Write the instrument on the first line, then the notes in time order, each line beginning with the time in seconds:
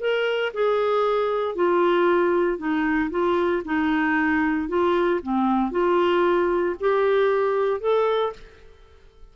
clarinet
0.00 A#4
0.54 G#4
1.55 F4
2.58 D#4
3.10 F4
3.65 D#4
4.68 F4
5.22 C4
5.71 F4
6.80 G4
7.80 A4